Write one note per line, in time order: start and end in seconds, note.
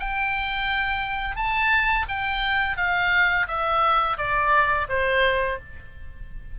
0.00 1.36 G5
1.36 2.06 A5
2.09 2.77 G5
2.77 3.47 F5
3.48 4.18 E5
4.18 4.87 D5
4.89 5.59 C5